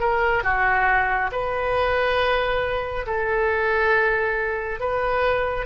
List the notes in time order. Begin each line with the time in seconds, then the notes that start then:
0.00 A#4
0.43 F#4
1.32 B4
3.06 A4
4.79 B4